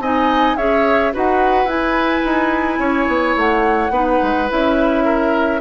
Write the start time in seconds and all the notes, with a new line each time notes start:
0.00 C4 D#4 D#5 G#5
0.57 C#4 G#4 C#5 E5
1.13 D#4 F#4 B4 F#5
1.65 E4 G#5
2.25 D#4
2.79 C#4 C#5
3.08 B3
3.36 A3 F#5
3.90 B3 D#4 B4
4.23 G#3
4.49 C#4 E4 E5
5.05 A#4